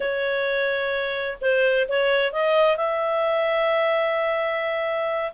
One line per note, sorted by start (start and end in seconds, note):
0.00 1.38 C#5
1.41 1.87 C5
1.88 2.32 C#5
2.32 2.76 D#5
2.76 5.32 E5